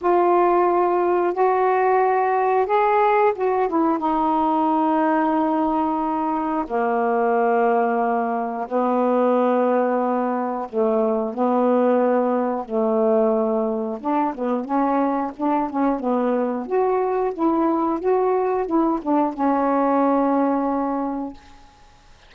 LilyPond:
\new Staff \with { instrumentName = "saxophone" } { \time 4/4 \tempo 4 = 90 f'2 fis'2 | gis'4 fis'8 e'8 dis'2~ | dis'2 ais2~ | ais4 b2. |
a4 b2 a4~ | a4 d'8 b8 cis'4 d'8 cis'8 | b4 fis'4 e'4 fis'4 | e'8 d'8 cis'2. | }